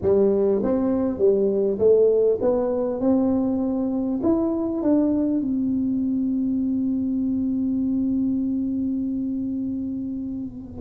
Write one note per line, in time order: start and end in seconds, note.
0.02 0.62 G3
0.63 1.18 C4
1.18 1.78 G3
1.78 2.38 A3
2.41 3.00 B3
3.00 4.20 C4
4.22 4.82 E4
4.82 5.40 D4
5.40 10.80 C4